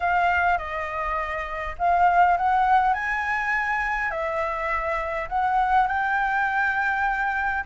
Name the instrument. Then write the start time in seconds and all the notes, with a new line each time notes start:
flute
0.00 F5
0.58 D#5
1.78 F5
2.37 F#5
2.93 G#5
4.10 E5
5.29 F#5
5.87 G5